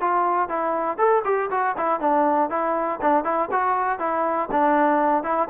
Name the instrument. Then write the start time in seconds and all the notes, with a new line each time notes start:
trombone
0.00 F4
0.49 E4
0.98 A4
1.24 G4
1.50 F#4
1.77 E4
2.00 D4
2.49 E4
3.01 D4
3.24 E4
3.51 F#4
3.99 E4
4.51 D4
5.23 E4